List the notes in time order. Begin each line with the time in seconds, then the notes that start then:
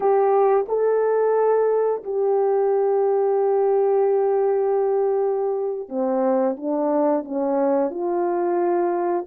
0.00 G4
0.68 A4
2.03 G4
5.88 C4
6.56 D4
7.24 C#4
7.90 F4